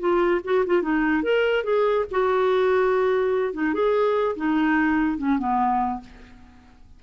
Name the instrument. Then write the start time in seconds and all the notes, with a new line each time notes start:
clarinet
0.00 F4
0.44 F#4
0.66 F4
0.83 D#4
1.23 A#4
1.64 G#4
2.11 F#4
3.54 D#4
3.74 G#4
4.36 D#4
5.18 C#4
5.39 B3